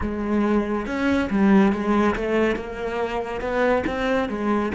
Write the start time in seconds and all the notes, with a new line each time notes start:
0.00 G#3
0.86 C#4
1.30 G3
1.72 G#3
2.15 A3
2.56 A#3
3.40 B3
3.86 C4
4.29 G#3